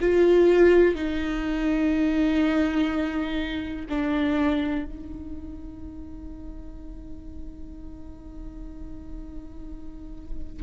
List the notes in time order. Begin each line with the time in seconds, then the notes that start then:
0.00 F4
0.95 D#4
3.89 D4
4.85 D#4